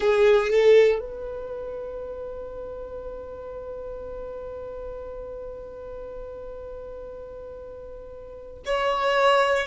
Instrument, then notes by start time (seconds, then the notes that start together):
violin
0.00 G#4
0.50 A4
0.99 B4
8.65 C#5